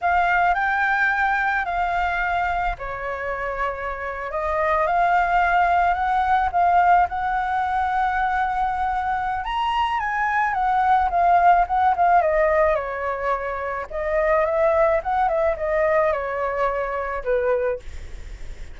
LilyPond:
\new Staff \with { instrumentName = "flute" } { \time 4/4 \tempo 4 = 108 f''4 g''2 f''4~ | f''4 cis''2~ cis''8. dis''16~ | dis''8. f''2 fis''4 f''16~ | f''8. fis''2.~ fis''16~ |
fis''4 ais''4 gis''4 fis''4 | f''4 fis''8 f''8 dis''4 cis''4~ | cis''4 dis''4 e''4 fis''8 e''8 | dis''4 cis''2 b'4 | }